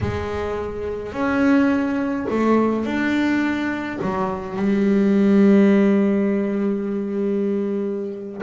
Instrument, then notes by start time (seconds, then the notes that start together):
double bass
0.00 G#3
1.12 C#4
2.30 A3
2.85 D4
4.01 F#3
4.56 G3